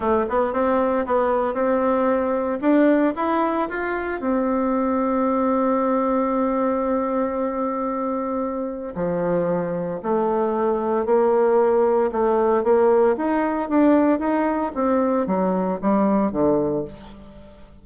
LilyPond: \new Staff \with { instrumentName = "bassoon" } { \time 4/4 \tempo 4 = 114 a8 b8 c'4 b4 c'4~ | c'4 d'4 e'4 f'4 | c'1~ | c'1~ |
c'4 f2 a4~ | a4 ais2 a4 | ais4 dis'4 d'4 dis'4 | c'4 fis4 g4 d4 | }